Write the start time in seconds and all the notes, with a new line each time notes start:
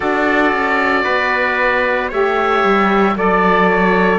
0.00 D4 F#4 A4 D5
0.52 C#4
1.04 B3 B4
2.09 A3 G4 C#5 E5
2.63 G3
3.15 F#3 A4 D5
3.69 C#5